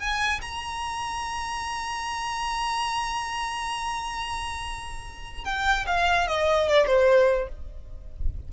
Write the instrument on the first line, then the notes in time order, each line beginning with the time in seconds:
violin
0.00 G#5
0.42 A#5
5.45 G5
5.87 F5
6.28 D#5
6.68 D5
6.87 C5